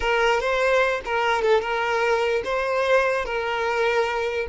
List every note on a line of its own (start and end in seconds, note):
0.00 0.40 A#4
0.40 1.01 C5
1.05 1.42 A#4
1.42 1.61 A4
1.61 2.42 A#4
2.44 3.25 C5
3.25 4.46 A#4